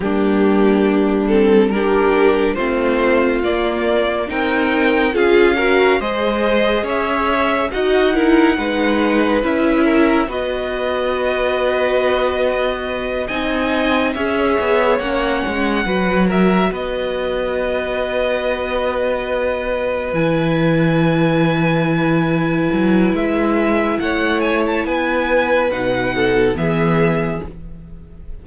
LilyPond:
<<
  \new Staff \with { instrumentName = "violin" } { \time 4/4 \tempo 4 = 70 g'4. a'8 ais'4 c''4 | d''4 g''4 f''4 dis''4 | e''4 fis''2 e''4 | dis''2.~ dis''8 gis''8~ |
gis''8 e''4 fis''4. e''8 dis''8~ | dis''2.~ dis''8 gis''8~ | gis''2. e''4 | fis''8 gis''16 a''16 gis''4 fis''4 e''4 | }
  \new Staff \with { instrumentName = "violin" } { \time 4/4 d'2 g'4 f'4~ | f'4 ais'4 gis'8 ais'8 c''4 | cis''4 dis''8 ais'8 b'4. ais'8 | b'2.~ b'8 dis''8~ |
dis''8 cis''2 b'8 ais'8 b'8~ | b'1~ | b'1 | cis''4 b'4. a'8 gis'4 | }
  \new Staff \with { instrumentName = "viola" } { \time 4/4 ais4. c'8 d'4 c'4 | ais4 dis'4 f'8 fis'8 gis'4~ | gis'4 fis'8 e'8 dis'4 e'4 | fis'2.~ fis'8 dis'8~ |
dis'8 gis'4 cis'4 fis'4.~ | fis'2.~ fis'8 e'8~ | e'1~ | e'2 dis'4 b4 | }
  \new Staff \with { instrumentName = "cello" } { \time 4/4 g2. a4 | ais4 c'4 cis'4 gis4 | cis'4 dis'4 gis4 cis'4 | b2.~ b8 c'8~ |
c'8 cis'8 b8 ais8 gis8 fis4 b8~ | b2.~ b8 e8~ | e2~ e8 fis8 gis4 | a4 b4 b,4 e4 | }
>>